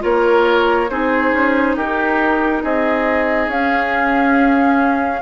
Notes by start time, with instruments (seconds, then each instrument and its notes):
0.00 bassoon A#3, clarinet F4, oboe A#4, flute C#5
0.89 bassoon C4, clarinet D#4, oboe G#4, flute C5
1.32 bassoon C#4
1.76 bassoon D#4, oboe G4, flute A#4
2.63 bassoon C4, oboe G#4, flute D#5
3.48 bassoon C#4, clarinet C#4, flute F5